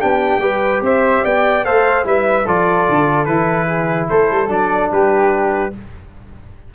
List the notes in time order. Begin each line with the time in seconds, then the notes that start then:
0.00 B3 D4 G4 G5
0.38 G3 G4 B4
0.81 C4 C5 E5
1.24 B3 D5 G5
1.65 A3 A4 C5 F5
2.04 G3 E4 B4 E5
2.45 F3 F4 A4 D5
2.89 D3
3.26 E3 E4 B4
3.66 G#4
4.10 A3 A4 C5
4.31 G3
4.48 F#3 D4 D5
4.92 G3 G4 B4